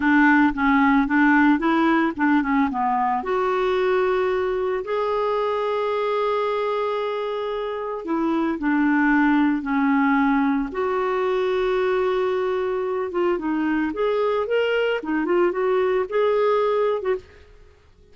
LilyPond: \new Staff \with { instrumentName = "clarinet" } { \time 4/4 \tempo 4 = 112 d'4 cis'4 d'4 e'4 | d'8 cis'8 b4 fis'2~ | fis'4 gis'2.~ | gis'2. e'4 |
d'2 cis'2 | fis'1~ | fis'8 f'8 dis'4 gis'4 ais'4 | dis'8 f'8 fis'4 gis'4.~ gis'16 fis'16 | }